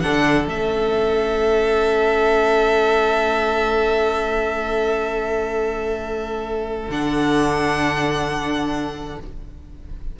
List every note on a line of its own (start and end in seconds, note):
0.00 0.47 D3
0.00 0.47 D4
0.00 9.20 A4
0.00 0.46 F#5
0.47 6.88 A3
0.47 6.89 C#4
0.47 6.91 E5
6.88 9.17 D3
6.88 9.20 D4
6.88 9.20 F#5